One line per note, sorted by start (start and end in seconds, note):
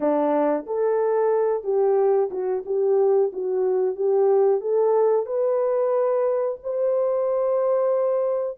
0.00 0.65 D4
0.66 1.63 A4
1.63 2.29 G4
2.30 2.63 F#4
2.65 3.31 G4
3.33 3.95 F#4
3.95 4.60 G4
4.60 5.26 A4
5.26 6.58 B4
6.63 8.57 C5